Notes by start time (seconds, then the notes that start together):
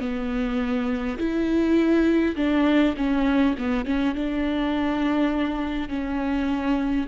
0.00 B3
1.18 E4
2.36 D4
2.97 C#4
3.58 B3
3.86 C#4
4.15 D4
5.89 C#4